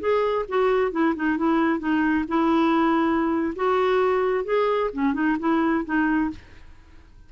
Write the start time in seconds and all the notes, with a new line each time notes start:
0.00 G#4
0.48 F#4
0.91 E4
1.15 D#4
1.37 E4
1.79 D#4
2.28 E4
3.56 F#4
4.44 G#4
4.93 C#4
5.14 D#4
5.39 E4
5.85 D#4